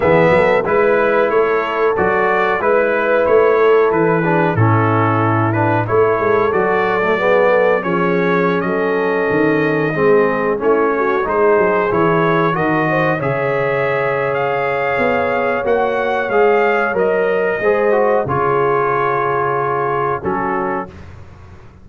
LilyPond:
<<
  \new Staff \with { instrumentName = "trumpet" } { \time 4/4 \tempo 4 = 92 e''4 b'4 cis''4 d''4 | b'4 cis''4 b'4 a'4~ | a'8 b'8 cis''4 d''2 | cis''4~ cis''16 dis''2~ dis''8.~ |
dis''16 cis''4 c''4 cis''4 dis''8.~ | dis''16 e''4.~ e''16 f''2 | fis''4 f''4 dis''2 | cis''2. a'4 | }
  \new Staff \with { instrumentName = "horn" } { \time 4/4 gis'8 a'8 b'4 a'2 | b'4. a'4 gis'8 e'4~ | e'4 a'2 gis'8 a'8 | gis'4~ gis'16 a'2 gis'8.~ |
gis'16 e'8 fis'8 gis'2 ais'8 c''16~ | c''16 cis''2.~ cis''8.~ | cis''2. c''4 | gis'2. fis'4 | }
  \new Staff \with { instrumentName = "trombone" } { \time 4/4 b4 e'2 fis'4 | e'2~ e'8 d'8 cis'4~ | cis'8 d'8 e'4 fis'8. a16 b4 | cis'2.~ cis'16 c'8.~ |
c'16 cis'4 dis'4 e'4 fis'8.~ | fis'16 gis'2.~ gis'8. | fis'4 gis'4 ais'4 gis'8 fis'8 | f'2. cis'4 | }
  \new Staff \with { instrumentName = "tuba" } { \time 4/4 e8 fis8 gis4 a4 fis4 | gis4 a4 e4 a,4~ | a,4 a8 gis8 fis2 | f4~ f16 fis4 dis4 gis8.~ |
gis16 a4 gis8 fis8 e4 dis8.~ | dis16 cis2~ cis8. b4 | ais4 gis4 fis4 gis4 | cis2. fis4 | }
>>